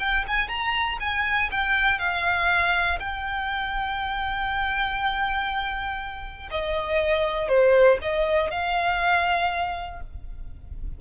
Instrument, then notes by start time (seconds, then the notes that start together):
violin
0.00 G5
0.28 G#5
0.49 A#5
1.00 G#5
1.52 G5
1.99 F5
3.00 G5
6.51 D#5
7.49 C5
8.02 D#5
8.51 F5